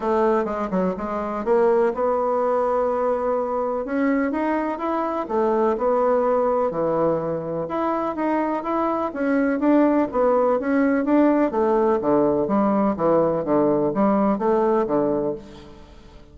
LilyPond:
\new Staff \with { instrumentName = "bassoon" } { \time 4/4 \tempo 4 = 125 a4 gis8 fis8 gis4 ais4 | b1 | cis'4 dis'4 e'4 a4 | b2 e2 |
e'4 dis'4 e'4 cis'4 | d'4 b4 cis'4 d'4 | a4 d4 g4 e4 | d4 g4 a4 d4 | }